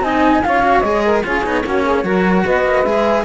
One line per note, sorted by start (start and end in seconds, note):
0.00 0.40 C4
0.00 0.43 D#4
0.00 0.44 D#5
0.00 0.44 G#5
0.44 0.83 C#4
0.44 0.63 F4
0.44 1.05 C#5
0.44 0.81 F5
0.63 0.83 F#4
0.81 1.23 G#3
0.81 1.23 G#4
0.81 1.21 D#5
1.05 1.24 A#4
1.23 1.46 C#4
1.23 1.43 F4
1.23 1.64 G#4
1.23 2.45 C#5
1.44 1.64 B3
1.44 1.64 D#4
1.64 2.04 A#3
1.64 2.05 C#4
1.64 1.84 F#4
1.84 2.04 G#4
2.04 2.44 F#3
2.04 2.85 F#4
2.04 2.45 A#4
2.45 2.64 B3
2.45 3.25 B4
2.45 2.83 D#5
2.64 2.84 A#3
2.83 3.24 G#3
2.83 3.25 G#4
2.83 3.24 E5